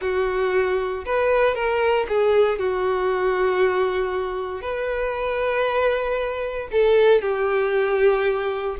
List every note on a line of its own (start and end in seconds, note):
0.01 1.04 F#4
1.05 1.54 B4
1.54 2.06 A#4
2.08 2.58 G#4
2.58 4.61 F#4
4.61 6.68 B4
6.71 7.21 A4
7.21 8.76 G4